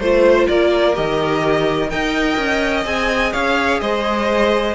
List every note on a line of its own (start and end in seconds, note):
0.00 0.48 A3
0.00 0.95 F4
0.00 0.48 C5
0.00 0.49 C5
0.48 0.98 A#3
0.48 1.92 A#4
0.48 0.96 D5
0.95 1.92 D#3
0.95 1.90 G4
0.95 1.90 D#5
1.90 2.38 D#4
1.90 2.85 A#4
1.90 3.33 D#5
1.90 2.85 G5
2.38 2.85 C#4
2.85 3.33 C4
2.85 4.75 G#4
2.85 3.33 G#5
3.33 3.81 C#4
3.33 3.81 C#5
3.33 3.80 F5
3.80 4.75 G#3
3.80 4.75 C5
3.80 4.75 D#5